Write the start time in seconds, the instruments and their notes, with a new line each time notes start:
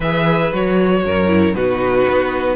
0.00 cello E3, viola G#4, violin B4 E5
0.52 cello F#3, viola F#4, violin C#5
1.04 cello F#2, violin A#4
1.27 viola E4
1.54 cello B2, viola D#4, violin F#4 B4
2.09 cello B3